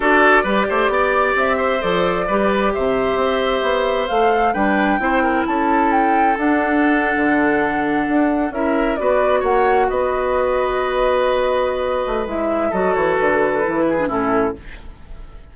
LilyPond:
<<
  \new Staff \with { instrumentName = "flute" } { \time 4/4 \tempo 4 = 132 d''2. e''4 | d''2 e''2~ | e''4 f''4 g''2 | a''4 g''4 fis''2~ |
fis''2~ fis''8. e''4 d''16~ | d''8. fis''4 dis''2~ dis''16~ | dis''2. e''4 | dis''8 cis''8 b'2 a'4 | }
  \new Staff \with { instrumentName = "oboe" } { \time 4/4 a'4 b'8 c''8 d''4. c''8~ | c''4 b'4 c''2~ | c''2 b'4 c''8 ais'8 | a'1~ |
a'2~ a'8. ais'4 b'16~ | b'8. cis''4 b'2~ b'16~ | b'1 | a'2~ a'8 gis'8 e'4 | }
  \new Staff \with { instrumentName = "clarinet" } { \time 4/4 fis'4 g'2. | a'4 g'2.~ | g'4 a'4 d'4 e'4~ | e'2 d'2~ |
d'2~ d'8. e'4 fis'16~ | fis'1~ | fis'2. e'4 | fis'2 e'8. d'16 cis'4 | }
  \new Staff \with { instrumentName = "bassoon" } { \time 4/4 d'4 g8 a8 b4 c'4 | f4 g4 c4 c'4 | b4 a4 g4 c'4 | cis'2 d'4.~ d'16 d16~ |
d4.~ d16 d'4 cis'4 b16~ | b8. ais4 b2~ b16~ | b2~ b8 a8 gis4 | fis8 e8 d4 e4 a,4 | }
>>